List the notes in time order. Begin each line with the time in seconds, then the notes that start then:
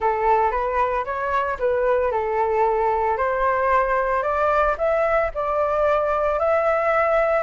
0.00 A4
0.51 B4
1.05 C#5
1.59 B4
2.11 A4
3.17 C5
4.22 D5
4.77 E5
5.34 D5
6.39 E5